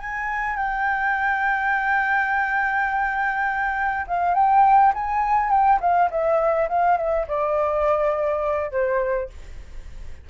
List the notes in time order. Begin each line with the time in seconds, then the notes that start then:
0.00 G#5
0.56 G5
4.07 F5
4.34 G5
4.94 G#5
5.50 G5
5.81 F5
6.10 E5
6.69 F5
6.97 E5
7.28 D5
8.71 C5